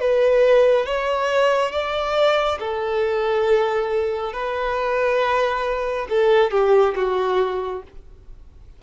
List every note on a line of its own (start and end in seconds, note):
0.00 0.85 B4
0.85 1.72 C#5
1.72 2.58 D5
2.59 4.33 A4
4.33 6.07 B4
6.09 6.51 A4
6.51 6.94 G4
6.95 7.82 F#4